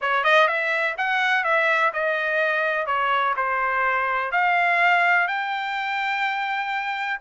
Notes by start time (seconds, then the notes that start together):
0.01 C#5
0.24 D#5
0.47 E5
0.97 F#5
1.44 E5
1.93 D#5
2.86 C#5
3.36 C5
4.31 F5
5.27 G5